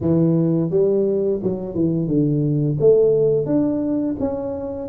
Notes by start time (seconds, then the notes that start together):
0.00 E3
0.70 G3
1.42 F#3
1.74 E3
2.07 D3
2.80 A3
3.46 D4
4.19 C#4